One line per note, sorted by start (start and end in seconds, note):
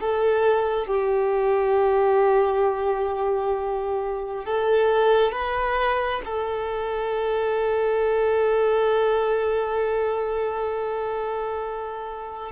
0.00 0.87 A4
0.87 4.45 G4
4.45 5.32 A4
5.32 6.22 B4
6.25 12.52 A4